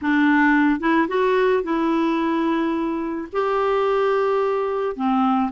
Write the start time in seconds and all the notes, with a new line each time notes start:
0.01 D4
0.80 E4
1.08 F#4
1.63 E4
3.32 G4
4.95 C4